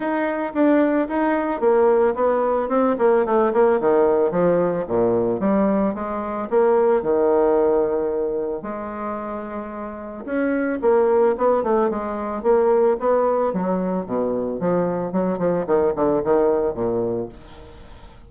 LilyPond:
\new Staff \with { instrumentName = "bassoon" } { \time 4/4 \tempo 4 = 111 dis'4 d'4 dis'4 ais4 | b4 c'8 ais8 a8 ais8 dis4 | f4 ais,4 g4 gis4 | ais4 dis2. |
gis2. cis'4 | ais4 b8 a8 gis4 ais4 | b4 fis4 b,4 f4 | fis8 f8 dis8 d8 dis4 ais,4 | }